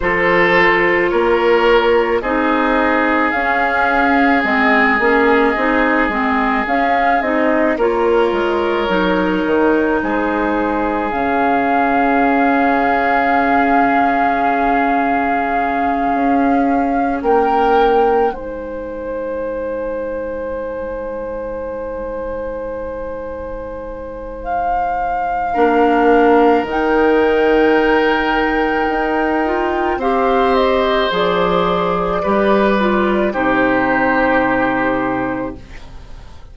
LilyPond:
<<
  \new Staff \with { instrumentName = "flute" } { \time 4/4 \tempo 4 = 54 c''4 cis''4 dis''4 f''4 | dis''2 f''8 dis''8 cis''4~ | cis''4 c''4 f''2~ | f''2.~ f''8 g''8~ |
g''8 gis''2.~ gis''8~ | gis''2 f''2 | g''2. f''8 dis''8 | d''2 c''2 | }
  \new Staff \with { instrumentName = "oboe" } { \time 4/4 a'4 ais'4 gis'2~ | gis'2. ais'4~ | ais'4 gis'2.~ | gis'2.~ gis'8 ais'8~ |
ais'8 c''2.~ c''8~ | c''2. ais'4~ | ais'2. c''4~ | c''4 b'4 g'2 | }
  \new Staff \with { instrumentName = "clarinet" } { \time 4/4 f'2 dis'4 cis'4 | c'8 cis'8 dis'8 c'8 cis'8 dis'8 f'4 | dis'2 cis'2~ | cis'1~ |
cis'8 dis'2.~ dis'8~ | dis'2. d'4 | dis'2~ dis'8 f'8 g'4 | gis'4 g'8 f'8 dis'2 | }
  \new Staff \with { instrumentName = "bassoon" } { \time 4/4 f4 ais4 c'4 cis'4 | gis8 ais8 c'8 gis8 cis'8 c'8 ais8 gis8 | fis8 dis8 gis4 cis2~ | cis2~ cis8 cis'4 ais8~ |
ais8 gis2.~ gis8~ | gis2. ais4 | dis2 dis'4 c'4 | f4 g4 c2 | }
>>